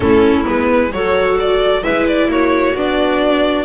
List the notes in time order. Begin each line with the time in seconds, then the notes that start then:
0.00 A3 C#4 E4 A4
0.44 G#3 B3 B4
0.92 F#3 F#4 A4 C#5
1.39 D5
1.82 G#3 E4 B4 E5
2.07 D5
2.27 A#3 F#4 C#5
2.74 B3 D4 D5